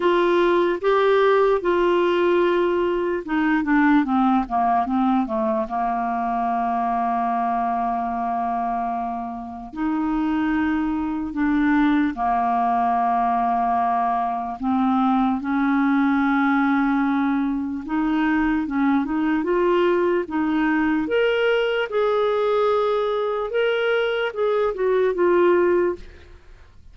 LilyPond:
\new Staff \with { instrumentName = "clarinet" } { \time 4/4 \tempo 4 = 74 f'4 g'4 f'2 | dis'8 d'8 c'8 ais8 c'8 a8 ais4~ | ais1 | dis'2 d'4 ais4~ |
ais2 c'4 cis'4~ | cis'2 dis'4 cis'8 dis'8 | f'4 dis'4 ais'4 gis'4~ | gis'4 ais'4 gis'8 fis'8 f'4 | }